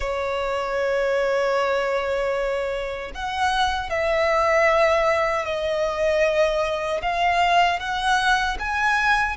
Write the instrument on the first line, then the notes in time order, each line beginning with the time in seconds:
violin
0.00 C#5
3.14 F#5
3.89 E5
5.45 D#5
7.01 F5
7.79 F#5
8.59 G#5